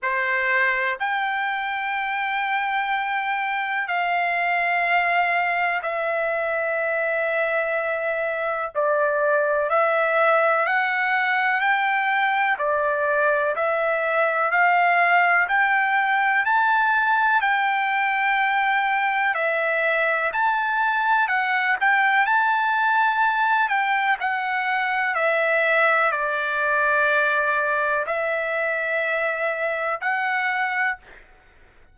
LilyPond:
\new Staff \with { instrumentName = "trumpet" } { \time 4/4 \tempo 4 = 62 c''4 g''2. | f''2 e''2~ | e''4 d''4 e''4 fis''4 | g''4 d''4 e''4 f''4 |
g''4 a''4 g''2 | e''4 a''4 fis''8 g''8 a''4~ | a''8 g''8 fis''4 e''4 d''4~ | d''4 e''2 fis''4 | }